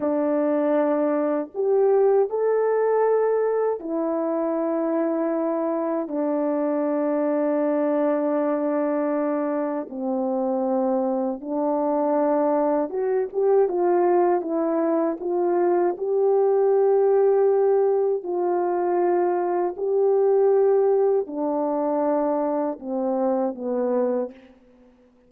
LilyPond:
\new Staff \with { instrumentName = "horn" } { \time 4/4 \tempo 4 = 79 d'2 g'4 a'4~ | a'4 e'2. | d'1~ | d'4 c'2 d'4~ |
d'4 fis'8 g'8 f'4 e'4 | f'4 g'2. | f'2 g'2 | d'2 c'4 b4 | }